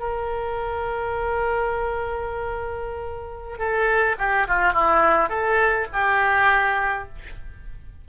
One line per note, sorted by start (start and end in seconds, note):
0.00 3.59 A#4
3.59 4.16 A4
4.19 4.48 G4
4.48 4.73 F4
4.73 5.30 E4
5.30 5.87 A4
5.93 7.09 G4